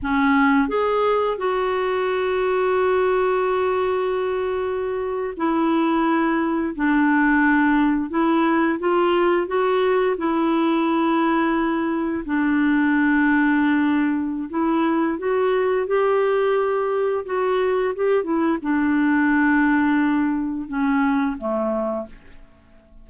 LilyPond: \new Staff \with { instrumentName = "clarinet" } { \time 4/4 \tempo 4 = 87 cis'4 gis'4 fis'2~ | fis'2.~ fis'8. e'16~ | e'4.~ e'16 d'2 e'16~ | e'8. f'4 fis'4 e'4~ e'16~ |
e'4.~ e'16 d'2~ d'16~ | d'4 e'4 fis'4 g'4~ | g'4 fis'4 g'8 e'8 d'4~ | d'2 cis'4 a4 | }